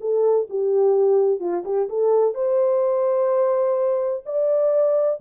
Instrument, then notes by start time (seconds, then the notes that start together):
horn
0.00 A4
0.49 G4
1.40 F4
1.64 G4
1.89 A4
2.34 C5
4.25 D5